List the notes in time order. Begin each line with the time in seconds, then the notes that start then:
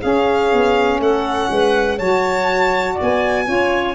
0.00 C#4 G#4 F5
0.52 B3
0.99 A3 A4 F#5
1.50 G#3 B4
1.98 F#3 F#4 C#5 A5
2.94 D5
3.01 B3 G#5
3.45 C#4 F4 C#5